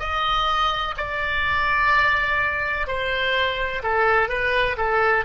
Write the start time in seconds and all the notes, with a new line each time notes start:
0.00 D#5
0.98 D5
2.87 C5
3.84 A4
4.29 B4
4.77 A4